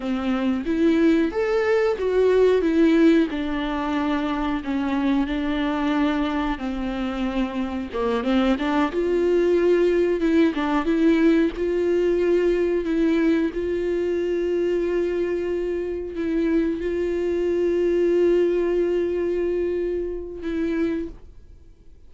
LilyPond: \new Staff \with { instrumentName = "viola" } { \time 4/4 \tempo 4 = 91 c'4 e'4 a'4 fis'4 | e'4 d'2 cis'4 | d'2 c'2 | ais8 c'8 d'8 f'2 e'8 |
d'8 e'4 f'2 e'8~ | e'8 f'2.~ f'8~ | f'8 e'4 f'2~ f'8~ | f'2. e'4 | }